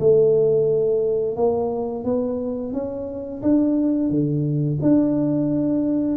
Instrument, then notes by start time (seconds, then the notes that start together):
tuba
0.00 A3
1.37 A#3
2.05 B3
2.73 C#4
3.43 D4
4.10 D3
4.82 D4